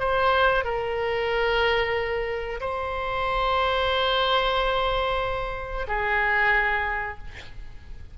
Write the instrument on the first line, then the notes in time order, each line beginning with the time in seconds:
oboe
0.00 C5
0.65 A#4
2.61 C5
5.88 G#4